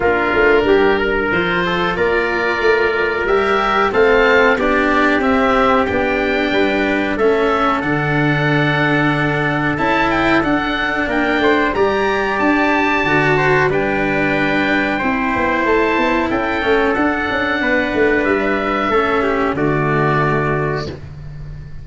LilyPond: <<
  \new Staff \with { instrumentName = "oboe" } { \time 4/4 \tempo 4 = 92 ais'2 c''4 d''4~ | d''4 e''4 f''4 d''4 | e''4 g''2 e''4 | fis''2. a''8 g''8 |
fis''4 g''4 ais''4 a''4~ | a''4 g''2. | a''4 g''4 fis''2 | e''2 d''2 | }
  \new Staff \with { instrumentName = "trumpet" } { \time 4/4 f'4 g'8 ais'4 a'8 ais'4~ | ais'2 a'4 g'4~ | g'2 b'4 a'4~ | a'1~ |
a'4 ais'8 c''8 d''2~ | d''8 c''8 b'2 c''4~ | c''4 a'2 b'4~ | b'4 a'8 g'8 fis'2 | }
  \new Staff \with { instrumentName = "cello" } { \time 4/4 d'2 f'2~ | f'4 g'4 c'4 d'4 | c'4 d'2 cis'4 | d'2. e'4 |
d'2 g'2 | fis'4 d'2 e'4~ | e'4. cis'8 d'2~ | d'4 cis'4 a2 | }
  \new Staff \with { instrumentName = "tuba" } { \time 4/4 ais8 a8 g4 f4 ais4 | a4 g4 a4 b4 | c'4 b4 g4 a4 | d2. cis'4 |
d'4 ais8 a8 g4 d'4 | d4 g2 c'8 b8 | a8 b8 cis'8 a8 d'8 cis'8 b8 a8 | g4 a4 d2 | }
>>